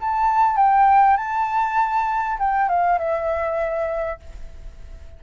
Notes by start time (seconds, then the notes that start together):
0.00 A5
0.56 G5
1.17 A5
2.39 G5
2.69 F5
2.98 E5